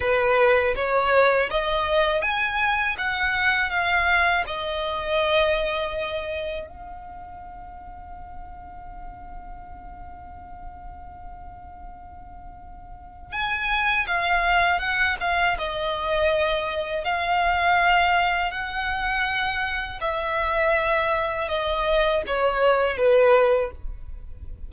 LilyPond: \new Staff \with { instrumentName = "violin" } { \time 4/4 \tempo 4 = 81 b'4 cis''4 dis''4 gis''4 | fis''4 f''4 dis''2~ | dis''4 f''2.~ | f''1~ |
f''2 gis''4 f''4 | fis''8 f''8 dis''2 f''4~ | f''4 fis''2 e''4~ | e''4 dis''4 cis''4 b'4 | }